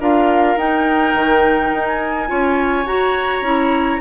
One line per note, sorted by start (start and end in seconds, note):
0.00 0.56 D4
0.00 0.58 F4
0.00 2.29 A#4
0.00 0.58 F5
0.56 1.13 D#4
0.56 2.27 D#4
0.56 1.87 G5
1.14 1.72 D#3
1.73 2.30 D#4
1.87 2.87 G#5
2.27 2.86 C#4
2.27 2.85 F4
2.27 4.01 C#5
2.86 3.42 F#4
2.86 3.43 F#4
2.86 4.01 A#5
3.42 3.99 C#4
3.42 4.01 E4